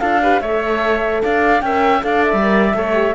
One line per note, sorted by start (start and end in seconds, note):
0.00 0.41 D4
0.00 0.21 F4
0.00 0.21 A4
0.00 0.41 F5
0.22 0.41 G4
0.22 0.41 B4
0.41 1.22 A3
0.41 1.63 A4
0.41 1.22 C#5
0.41 1.22 E5
1.23 1.62 D4
1.23 1.64 D5
1.23 1.61 F5
1.61 2.03 C#4
1.61 2.01 A#4
1.61 2.05 E5
1.61 2.01 G5
2.01 2.33 D4
2.01 2.42 A4
2.01 2.76 D5
2.01 2.24 F5
2.24 3.15 E5
2.33 2.73 G3
2.42 2.73 A#4
2.74 3.14 A3
2.74 2.94 A4
2.74 3.15 C#5
2.94 3.14 G4